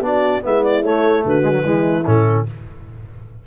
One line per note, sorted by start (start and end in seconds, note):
0.00 0.40 B3
0.00 0.42 D4
0.00 0.44 F#4
0.00 0.42 D5
0.42 0.83 G#3
0.42 0.82 B3
0.42 1.25 E4
0.42 0.64 E5
0.64 0.84 D5
0.83 1.23 A3
0.83 1.42 A3
0.83 1.24 C#5
1.25 1.64 D3
1.25 1.65 F#4
1.25 2.05 B4
1.42 1.52 G#3
1.52 1.62 F#3
1.64 2.04 E3
1.64 2.04 G#3
1.64 2.45 E4
2.05 2.46 A2
2.05 2.46 C#4
2.05 2.45 A4